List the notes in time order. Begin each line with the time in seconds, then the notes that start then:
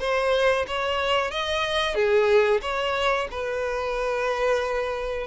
0.00 C5
0.67 C#5
1.31 D#5
1.95 G#4
2.62 C#5
3.31 B4